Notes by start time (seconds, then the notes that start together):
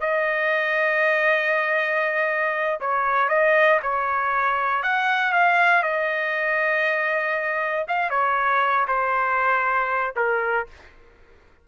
0.00 D#5
2.80 C#5
3.29 D#5
3.82 C#5
4.83 F#5
5.32 F5
5.83 D#5
7.88 F5
8.10 C#5
8.87 C5
10.16 A#4